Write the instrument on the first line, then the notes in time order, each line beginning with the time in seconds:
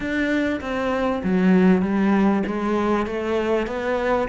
cello
0.00 D4
0.61 C4
1.23 F#3
1.82 G3
2.46 G#3
3.06 A3
3.67 B3